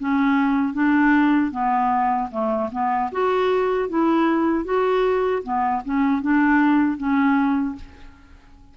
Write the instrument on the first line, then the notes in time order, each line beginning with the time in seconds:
clarinet
0.00 C#4
0.74 D4
1.52 B3
2.31 A3
2.72 B3
3.12 F#4
3.90 E4
4.65 F#4
5.44 B3
5.86 C#4
6.22 D4
6.98 C#4